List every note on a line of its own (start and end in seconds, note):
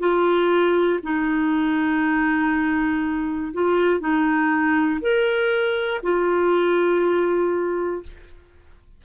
0.00 1.00 F4
1.03 3.53 D#4
3.54 4.00 F4
4.00 5.00 D#4
5.01 6.01 A#4
6.03 8.03 F4